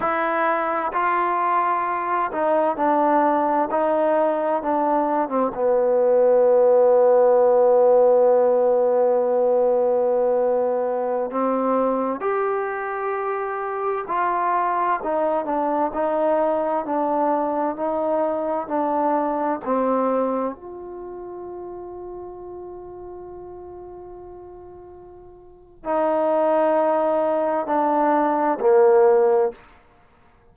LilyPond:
\new Staff \with { instrumentName = "trombone" } { \time 4/4 \tempo 4 = 65 e'4 f'4. dis'8 d'4 | dis'4 d'8. c'16 b2~ | b1~ | b16 c'4 g'2 f'8.~ |
f'16 dis'8 d'8 dis'4 d'4 dis'8.~ | dis'16 d'4 c'4 f'4.~ f'16~ | f'1 | dis'2 d'4 ais4 | }